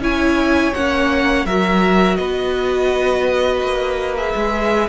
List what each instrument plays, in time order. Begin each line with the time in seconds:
0.00 cello C#4, viola E4, violin C#5 G#5
0.74 cello A#3, viola C#4, violin F#5
1.45 cello F#3, viola F#4, violin A#4 E5
2.17 cello B3, violin B4 D#5
3.62 cello A#3
4.17 viola G#4, violin E5
4.36 cello G#3